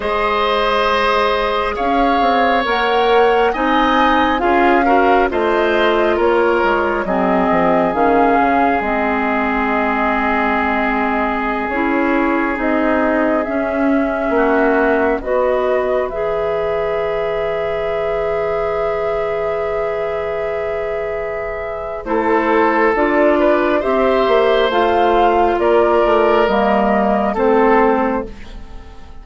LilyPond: <<
  \new Staff \with { instrumentName = "flute" } { \time 4/4 \tempo 4 = 68 dis''2 f''4 fis''4 | gis''4 f''4 dis''4 cis''4 | dis''4 f''4 dis''2~ | dis''4~ dis''16 cis''4 dis''4 e''8.~ |
e''4~ e''16 dis''4 e''4.~ e''16~ | e''1~ | e''4 c''4 d''4 e''4 | f''4 d''4 dis''4 c''4 | }
  \new Staff \with { instrumentName = "oboe" } { \time 4/4 c''2 cis''2 | dis''4 gis'8 ais'8 c''4 ais'4 | gis'1~ | gis'1~ |
gis'16 fis'4 b'2~ b'8.~ | b'1~ | b'4 a'4. b'8 c''4~ | c''4 ais'2 a'4 | }
  \new Staff \with { instrumentName = "clarinet" } { \time 4/4 gis'2. ais'4 | dis'4 f'8 fis'8 f'2 | c'4 cis'4 c'2~ | c'4~ c'16 e'4 dis'4 cis'8.~ |
cis'4~ cis'16 fis'4 gis'4.~ gis'16~ | gis'1~ | gis'4 e'4 f'4 g'4 | f'2 ais4 c'4 | }
  \new Staff \with { instrumentName = "bassoon" } { \time 4/4 gis2 cis'8 c'8 ais4 | c'4 cis'4 a4 ais8 gis8 | fis8 f8 dis8 cis8 gis2~ | gis4~ gis16 cis'4 c'4 cis'8.~ |
cis'16 ais4 b4 e4.~ e16~ | e1~ | e4 a4 d'4 c'8 ais8 | a4 ais8 a8 g4 a4 | }
>>